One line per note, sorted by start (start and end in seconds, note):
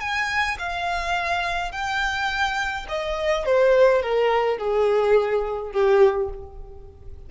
0.00 0.57 G#5
0.59 1.72 F5
1.72 2.86 G5
2.89 3.45 D#5
3.45 4.02 C5
4.02 4.58 A#4
4.58 5.72 G#4
5.72 6.29 G4